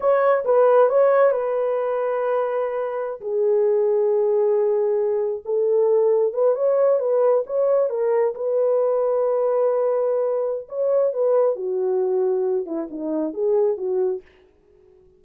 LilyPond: \new Staff \with { instrumentName = "horn" } { \time 4/4 \tempo 4 = 135 cis''4 b'4 cis''4 b'4~ | b'2.~ b'16 gis'8.~ | gis'1~ | gis'16 a'2 b'8 cis''4 b'16~ |
b'8. cis''4 ais'4 b'4~ b'16~ | b'1 | cis''4 b'4 fis'2~ | fis'8 e'8 dis'4 gis'4 fis'4 | }